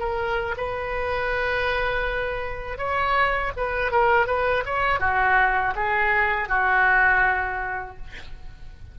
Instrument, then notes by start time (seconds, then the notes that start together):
oboe
0.00 A#4
0.58 B4
2.78 C#5
3.57 B4
3.92 A#4
4.27 B4
4.66 C#5
5.00 F#4
5.76 G#4
6.49 F#4